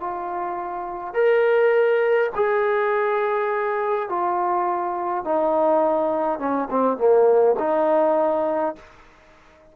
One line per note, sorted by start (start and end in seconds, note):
0.00 1.14 F4
1.14 2.31 A#4
2.36 4.09 G#4
4.09 5.25 F4
5.25 6.39 D#4
6.39 6.68 C#4
6.71 6.97 C4
6.97 7.56 A#3
7.59 8.76 D#4